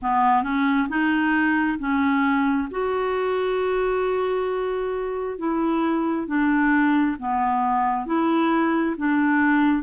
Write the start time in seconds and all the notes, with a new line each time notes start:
0.02 B3
0.43 C#4
0.88 D#4
1.78 C#4
2.70 F#4
5.38 E4
6.27 D4
7.18 B3
8.06 E4
8.97 D4